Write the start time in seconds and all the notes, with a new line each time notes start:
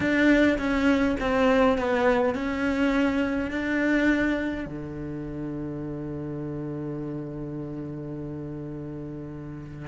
0.00 D4
0.58 C#4
1.19 C4
1.77 B3
2.34 C#4
3.50 D4
4.65 D3